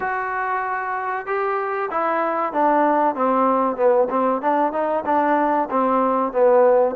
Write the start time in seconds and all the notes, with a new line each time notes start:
0.00 F#4
1.26 G4
1.90 E4
2.52 D4
3.15 C4
3.76 B3
4.10 C4
4.41 D4
4.72 D#4
5.05 D4
5.70 C4
6.32 B3